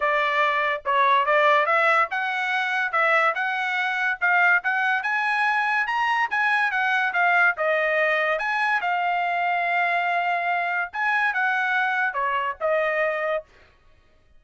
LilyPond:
\new Staff \with { instrumentName = "trumpet" } { \time 4/4 \tempo 4 = 143 d''2 cis''4 d''4 | e''4 fis''2 e''4 | fis''2 f''4 fis''4 | gis''2 ais''4 gis''4 |
fis''4 f''4 dis''2 | gis''4 f''2.~ | f''2 gis''4 fis''4~ | fis''4 cis''4 dis''2 | }